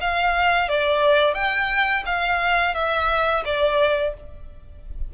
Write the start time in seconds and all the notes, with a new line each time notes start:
0.00 F5
0.68 D5
1.34 G5
2.05 F5
2.74 E5
3.45 D5